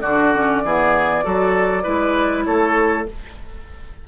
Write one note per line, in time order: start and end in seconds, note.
0.00 0.63 D3
0.00 0.33 D4
0.00 0.62 F#4
0.00 2.44 D5
0.33 0.64 C#4
0.63 1.25 E3
0.63 1.23 B3
0.63 1.24 G#4
1.23 1.86 F#3
1.23 1.83 F#4
1.23 1.83 A4
1.83 2.46 G#3
1.83 3.05 E4
1.83 2.44 B4
2.44 3.07 A3
2.44 3.07 A4
2.44 3.06 C#5